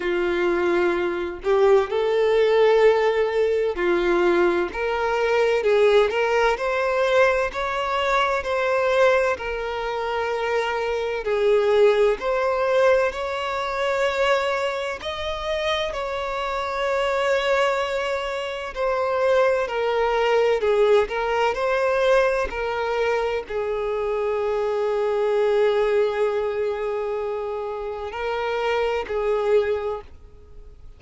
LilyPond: \new Staff \with { instrumentName = "violin" } { \time 4/4 \tempo 4 = 64 f'4. g'8 a'2 | f'4 ais'4 gis'8 ais'8 c''4 | cis''4 c''4 ais'2 | gis'4 c''4 cis''2 |
dis''4 cis''2. | c''4 ais'4 gis'8 ais'8 c''4 | ais'4 gis'2.~ | gis'2 ais'4 gis'4 | }